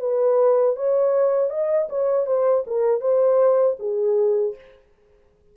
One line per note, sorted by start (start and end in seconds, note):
0.00 0.76 B4
0.76 1.50 C#5
1.50 1.88 D#5
1.90 2.26 C#5
2.26 2.64 C5
2.67 3.01 A#4
3.01 3.77 C5
3.79 4.55 G#4